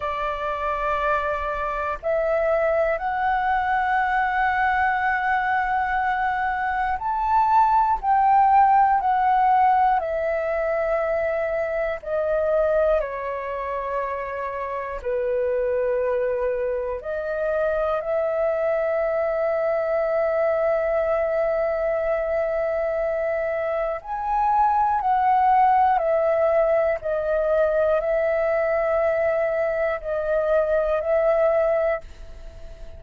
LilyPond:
\new Staff \with { instrumentName = "flute" } { \time 4/4 \tempo 4 = 60 d''2 e''4 fis''4~ | fis''2. a''4 | g''4 fis''4 e''2 | dis''4 cis''2 b'4~ |
b'4 dis''4 e''2~ | e''1 | gis''4 fis''4 e''4 dis''4 | e''2 dis''4 e''4 | }